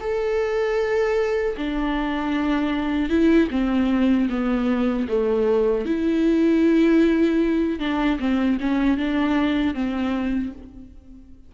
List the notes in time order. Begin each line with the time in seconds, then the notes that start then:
0.00 A4
1.57 D4
3.09 E4
3.50 C4
4.29 B3
5.08 A3
5.85 E4
7.79 D4
8.19 C4
8.60 C#4
8.97 D4
9.74 C4